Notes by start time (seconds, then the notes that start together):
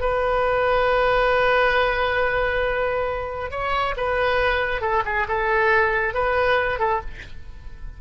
0.00 B4
3.51 C#5
3.96 B4
4.81 A4
5.05 G#4
5.28 A4
6.14 B4
6.79 A4